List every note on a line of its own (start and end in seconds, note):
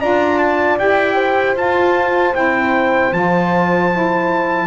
0.00 0.78 D4
0.00 0.78 F4
0.00 1.15 D5
0.00 0.38 A#5
0.38 0.77 A5
0.78 1.56 E4
0.78 1.56 G4
0.78 1.56 G5
1.15 4.66 C5
1.56 2.33 F4
1.56 2.34 F4
1.56 2.35 A5
2.34 3.12 C4
2.34 3.12 E4
2.34 3.13 G5
3.12 4.67 F3
3.12 3.90 F4
3.12 4.67 A5
3.92 4.67 E4